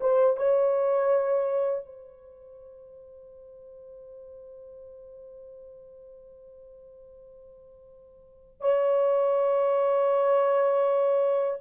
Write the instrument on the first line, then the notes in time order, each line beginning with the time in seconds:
horn
0.00 C5
0.36 C#5
1.85 C5
8.60 C#5